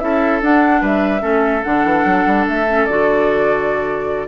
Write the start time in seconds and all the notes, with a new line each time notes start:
0.00 C#4 E4 A4 E5
0.42 D4 F#5
0.81 G3 B4 E5
1.21 A3 C#4 A4
1.64 D3 D4 F#5
1.84 E3
2.05 F#3
2.27 G3
2.48 A3 E5
2.68 C#4
2.86 D3 F#4 D5